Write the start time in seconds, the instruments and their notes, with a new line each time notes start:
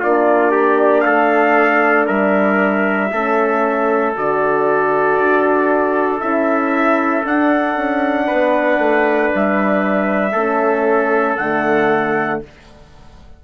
0.00 bassoon A#3, horn D4, trumpet F4 D5
0.52 trumpet G4
1.01 bassoon A3, trumpet A4 F5
2.06 bassoon G3, trumpet A#4 E5
3.12 bassoon A3, horn C#4, trumpet A4
4.15 bassoon D3, horn F#4, trumpet D5
5.19 bassoon D4
6.20 bassoon C#4, horn E4, trumpet E5
7.25 horn D4, bassoon D4, trumpet F#5
7.76 bassoon C#4
8.27 bassoon B3, trumpet B4
8.78 bassoon A3
9.35 bassoon G3, trumpet E5
10.33 bassoon A3, horn C#4, trumpet A4
11.37 bassoon D3, horn A3, trumpet F#5